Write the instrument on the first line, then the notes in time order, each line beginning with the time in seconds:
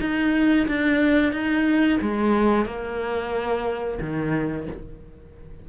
cello
0.00 D#4
0.67 D4
1.32 D#4
2.01 G#3
2.65 A#3
4.00 D#3